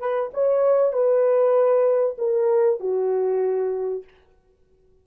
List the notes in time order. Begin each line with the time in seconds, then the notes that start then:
0.00 B4
0.34 C#5
0.93 B4
2.19 A#4
2.81 F#4